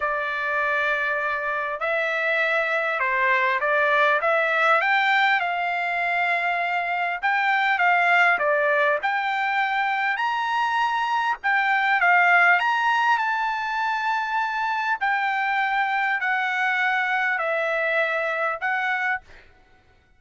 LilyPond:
\new Staff \with { instrumentName = "trumpet" } { \time 4/4 \tempo 4 = 100 d''2. e''4~ | e''4 c''4 d''4 e''4 | g''4 f''2. | g''4 f''4 d''4 g''4~ |
g''4 ais''2 g''4 | f''4 ais''4 a''2~ | a''4 g''2 fis''4~ | fis''4 e''2 fis''4 | }